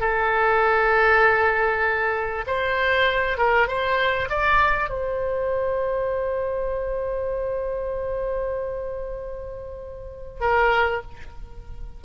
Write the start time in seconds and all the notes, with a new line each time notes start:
0.00 A4
2.47 C5
3.38 A#4
3.68 C5
4.30 D5
4.90 C5
10.41 A#4